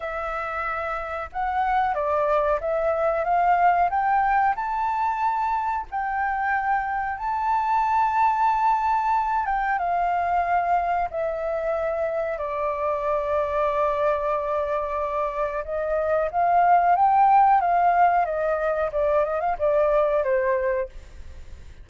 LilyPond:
\new Staff \with { instrumentName = "flute" } { \time 4/4 \tempo 4 = 92 e''2 fis''4 d''4 | e''4 f''4 g''4 a''4~ | a''4 g''2 a''4~ | a''2~ a''8 g''8 f''4~ |
f''4 e''2 d''4~ | d''1 | dis''4 f''4 g''4 f''4 | dis''4 d''8 dis''16 f''16 d''4 c''4 | }